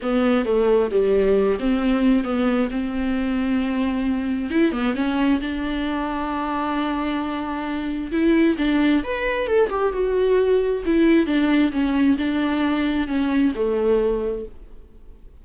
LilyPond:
\new Staff \with { instrumentName = "viola" } { \time 4/4 \tempo 4 = 133 b4 a4 g4. c'8~ | c'4 b4 c'2~ | c'2 e'8 b8 cis'4 | d'1~ |
d'2 e'4 d'4 | b'4 a'8 g'8 fis'2 | e'4 d'4 cis'4 d'4~ | d'4 cis'4 a2 | }